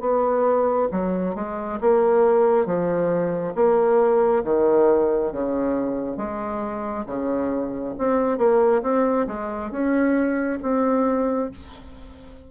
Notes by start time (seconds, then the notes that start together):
0.00 B3
0.91 F#3
1.35 G#3
1.81 A#3
2.66 F3
3.55 A#3
4.44 D#3
5.33 C#3
6.17 G#3
7.06 C#3
7.99 C4
8.38 A#3
8.82 C4
9.27 G#3
9.71 C#4
10.62 C4